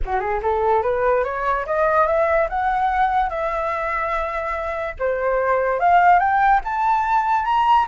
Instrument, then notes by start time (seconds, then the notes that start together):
flute
0.05 F#4
0.20 G#4
0.42 A4
0.82 B4
1.24 C#5
1.66 D#5
2.06 E5
2.49 F#5
3.29 E5
4.99 C5
5.79 F5
6.19 G5
6.64 A5
7.44 A#5